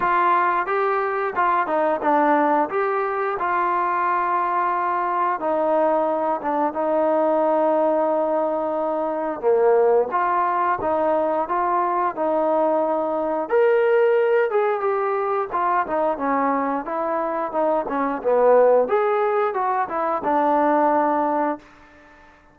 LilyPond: \new Staff \with { instrumentName = "trombone" } { \time 4/4 \tempo 4 = 89 f'4 g'4 f'8 dis'8 d'4 | g'4 f'2. | dis'4. d'8 dis'2~ | dis'2 ais4 f'4 |
dis'4 f'4 dis'2 | ais'4. gis'8 g'4 f'8 dis'8 | cis'4 e'4 dis'8 cis'8 b4 | gis'4 fis'8 e'8 d'2 | }